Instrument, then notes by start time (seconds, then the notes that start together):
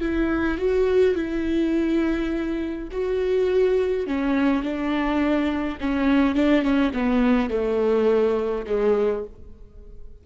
viola
0.00 E4
0.57 F#4
1.15 E4
2.91 F#4
4.06 C#4
4.63 D4
5.80 C#4
6.35 D4
6.62 C#4
6.93 B3
7.50 A3
8.66 G#3